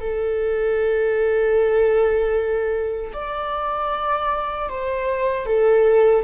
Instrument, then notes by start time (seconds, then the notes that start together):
viola
0.00 A4
3.13 D5
4.69 C5
5.46 A4